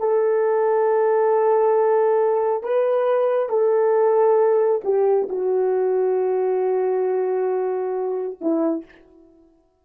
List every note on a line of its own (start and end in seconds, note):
0.00 2.64 A4
2.64 3.49 B4
3.49 4.82 A4
4.84 5.29 G4
5.29 8.38 F#4
8.41 8.85 E4